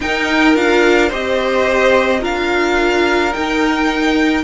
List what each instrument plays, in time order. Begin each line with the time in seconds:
0.00 viola D#4, cello D#4, violin A#4 G5
0.54 cello D4, viola F4, violin F5
1.08 cello C4, viola G4, violin C5 D#5
2.20 cello D4, viola F4, violin A#4 F5
3.33 viola D#4, cello D#4, violin G5